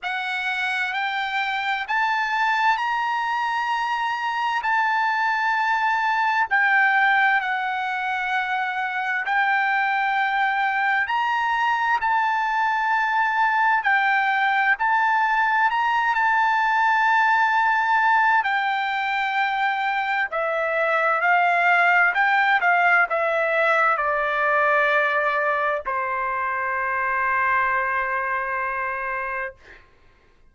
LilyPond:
\new Staff \with { instrumentName = "trumpet" } { \time 4/4 \tempo 4 = 65 fis''4 g''4 a''4 ais''4~ | ais''4 a''2 g''4 | fis''2 g''2 | ais''4 a''2 g''4 |
a''4 ais''8 a''2~ a''8 | g''2 e''4 f''4 | g''8 f''8 e''4 d''2 | c''1 | }